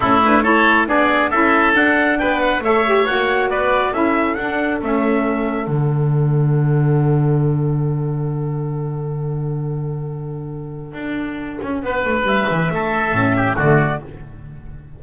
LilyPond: <<
  \new Staff \with { instrumentName = "trumpet" } { \time 4/4 \tempo 4 = 137 a'8 b'8 cis''4 d''4 e''4 | fis''4 g''8 fis''8 e''4 fis''4 | d''4 e''4 fis''4 e''4~ | e''4 fis''2.~ |
fis''1~ | fis''1~ | fis''1 | e''2. d''4 | }
  \new Staff \with { instrumentName = "oboe" } { \time 4/4 e'4 a'4 gis'4 a'4~ | a'4 b'4 cis''2 | b'4 a'2.~ | a'1~ |
a'1~ | a'1~ | a'2. b'4~ | b'4 a'4. g'8 fis'4 | }
  \new Staff \with { instrumentName = "saxophone" } { \time 4/4 cis'8 d'8 e'4 d'4 e'4 | d'2 a'8 g'8 fis'4~ | fis'4 e'4 d'4 cis'4~ | cis'4 d'2.~ |
d'1~ | d'1~ | d'1~ | d'2 cis'4 a4 | }
  \new Staff \with { instrumentName = "double bass" } { \time 4/4 a2 b4 cis'4 | d'4 b4 a4 ais4 | b4 cis'4 d'4 a4~ | a4 d2.~ |
d1~ | d1~ | d4 d'4. cis'8 b8 a8 | g8 e8 a4 a,4 d4 | }
>>